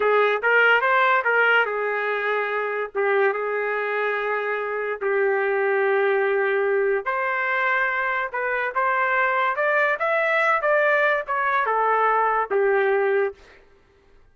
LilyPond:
\new Staff \with { instrumentName = "trumpet" } { \time 4/4 \tempo 4 = 144 gis'4 ais'4 c''4 ais'4 | gis'2. g'4 | gis'1 | g'1~ |
g'4 c''2. | b'4 c''2 d''4 | e''4. d''4. cis''4 | a'2 g'2 | }